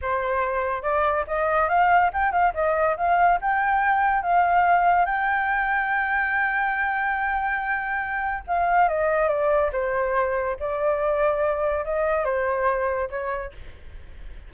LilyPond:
\new Staff \with { instrumentName = "flute" } { \time 4/4 \tempo 4 = 142 c''2 d''4 dis''4 | f''4 g''8 f''8 dis''4 f''4 | g''2 f''2 | g''1~ |
g''1 | f''4 dis''4 d''4 c''4~ | c''4 d''2. | dis''4 c''2 cis''4 | }